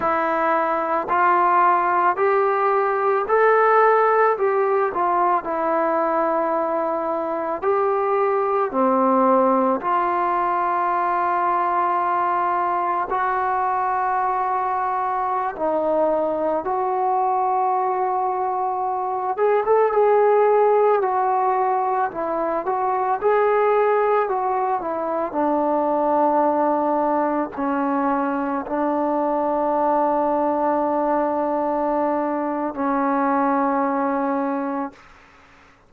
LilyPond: \new Staff \with { instrumentName = "trombone" } { \time 4/4 \tempo 4 = 55 e'4 f'4 g'4 a'4 | g'8 f'8 e'2 g'4 | c'4 f'2. | fis'2~ fis'16 dis'4 fis'8.~ |
fis'4.~ fis'16 gis'16 a'16 gis'4 fis'8.~ | fis'16 e'8 fis'8 gis'4 fis'8 e'8 d'8.~ | d'4~ d'16 cis'4 d'4.~ d'16~ | d'2 cis'2 | }